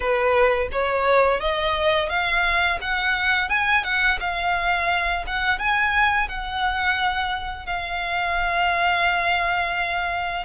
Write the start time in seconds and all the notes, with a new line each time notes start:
0.00 B4
0.72 C#5
1.40 D#5
2.09 F5
2.81 F#5
3.49 G#5
3.83 F#5
4.20 F5
5.26 F#5
5.58 G#5
6.28 F#5
7.66 F5